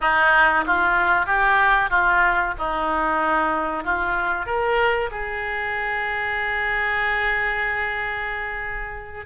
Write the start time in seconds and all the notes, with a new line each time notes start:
0.00 D#4
0.66 F4
1.26 G4
1.90 F4
2.58 D#4
3.84 F4
4.46 A#4
5.11 G#4